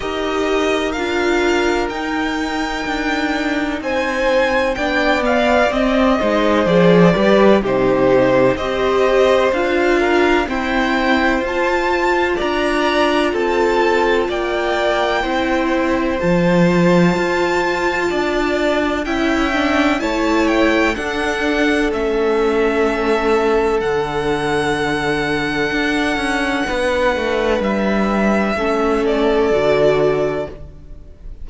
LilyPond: <<
  \new Staff \with { instrumentName = "violin" } { \time 4/4 \tempo 4 = 63 dis''4 f''4 g''2 | gis''4 g''8 f''8 dis''4 d''4 | c''4 dis''4 f''4 g''4 | a''4 ais''4 a''4 g''4~ |
g''4 a''2. | g''4 a''8 g''8 fis''4 e''4~ | e''4 fis''2.~ | fis''4 e''4. d''4. | }
  \new Staff \with { instrumentName = "violin" } { \time 4/4 ais'1 | c''4 d''4. c''4 b'8 | g'4 c''4. ais'8 c''4~ | c''4 d''4 a'4 d''4 |
c''2. d''4 | e''4 cis''4 a'2~ | a'1 | b'2 a'2 | }
  \new Staff \with { instrumentName = "viola" } { \time 4/4 g'4 f'4 dis'2~ | dis'4 d'8 b8 c'8 dis'8 gis'8 g'8 | dis'4 g'4 f'4 c'4 | f'1 |
e'4 f'2. | e'8 d'8 e'4 d'4 cis'4~ | cis'4 d'2.~ | d'2 cis'4 fis'4 | }
  \new Staff \with { instrumentName = "cello" } { \time 4/4 dis'4 d'4 dis'4 d'4 | c'4 b4 c'8 gis8 f8 g8 | c4 c'4 d'4 e'4 | f'4 d'4 c'4 ais4 |
c'4 f4 f'4 d'4 | cis'4 a4 d'4 a4~ | a4 d2 d'8 cis'8 | b8 a8 g4 a4 d4 | }
>>